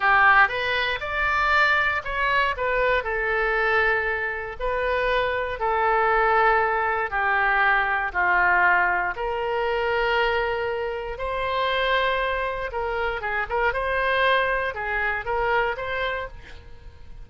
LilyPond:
\new Staff \with { instrumentName = "oboe" } { \time 4/4 \tempo 4 = 118 g'4 b'4 d''2 | cis''4 b'4 a'2~ | a'4 b'2 a'4~ | a'2 g'2 |
f'2 ais'2~ | ais'2 c''2~ | c''4 ais'4 gis'8 ais'8 c''4~ | c''4 gis'4 ais'4 c''4 | }